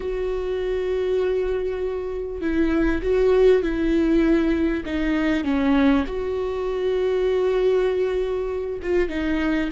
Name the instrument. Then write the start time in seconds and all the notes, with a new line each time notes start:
viola
0.00 F#4
2.41 E4
3.01 F#4
3.62 E4
4.85 D#4
5.44 C#4
6.07 F#4
8.82 F4
9.09 D#4